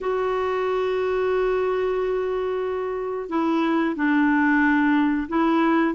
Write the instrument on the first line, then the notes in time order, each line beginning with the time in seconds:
clarinet
0.00 F#4
3.29 E4
3.95 D4
5.28 E4